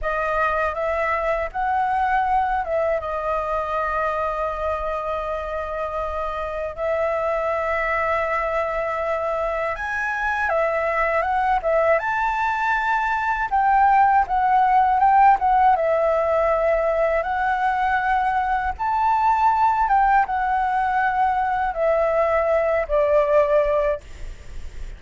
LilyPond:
\new Staff \with { instrumentName = "flute" } { \time 4/4 \tempo 4 = 80 dis''4 e''4 fis''4. e''8 | dis''1~ | dis''4 e''2.~ | e''4 gis''4 e''4 fis''8 e''8 |
a''2 g''4 fis''4 | g''8 fis''8 e''2 fis''4~ | fis''4 a''4. g''8 fis''4~ | fis''4 e''4. d''4. | }